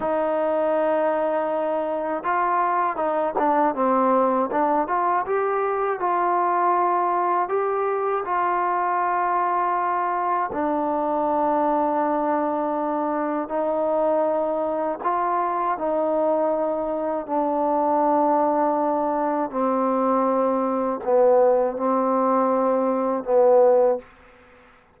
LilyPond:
\new Staff \with { instrumentName = "trombone" } { \time 4/4 \tempo 4 = 80 dis'2. f'4 | dis'8 d'8 c'4 d'8 f'8 g'4 | f'2 g'4 f'4~ | f'2 d'2~ |
d'2 dis'2 | f'4 dis'2 d'4~ | d'2 c'2 | b4 c'2 b4 | }